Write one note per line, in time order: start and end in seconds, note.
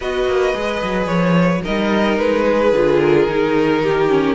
0.00 0.26 B3
0.00 0.54 F#4
0.00 1.62 B4
0.00 1.07 D#5
0.26 0.53 A#3
0.54 0.82 G#3
0.54 1.63 G#4
0.82 1.07 F#3
1.07 1.61 F3
1.07 1.61 C#5
1.62 2.17 G3
1.62 2.73 D#4
1.62 2.44 A#4
1.62 2.18 D#5
2.17 2.72 G#3
2.17 3.00 B4
2.45 3.81 G#4
2.72 3.27 D3
2.72 3.27 F4
3.00 4.35 A#4
3.27 4.35 D#3
3.27 4.08 D#4
3.82 4.35 G4
4.08 4.35 C#4